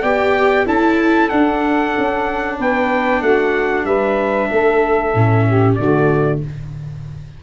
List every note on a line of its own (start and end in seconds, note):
0.00 0.66 B3
0.00 0.66 G4
0.00 0.64 D5
0.00 0.66 G5
0.64 1.30 C#4
0.64 1.29 E4
0.64 2.55 A4
0.64 1.29 A5
1.29 1.95 D4
1.29 5.14 D4
1.29 2.57 F#5
1.98 2.59 C#4
2.58 3.21 B3
2.58 3.21 B4
2.58 3.22 G5
3.21 3.84 A3
3.21 3.85 F#4
3.21 3.86 F#5
3.84 4.48 G3
3.84 4.49 B4
3.84 5.75 E5
4.50 5.14 A3
4.50 5.45 A4
5.14 5.78 A2
5.14 5.79 C#4
5.47 5.77 G4
5.75 6.43 D3
5.75 6.43 A3
5.75 6.41 F#4
5.75 6.39 D5